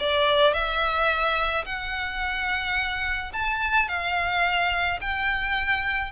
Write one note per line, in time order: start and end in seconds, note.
0.00 0.54 D5
0.54 1.65 E5
1.66 3.32 F#5
3.33 3.89 A5
3.89 5.00 F5
5.01 6.12 G5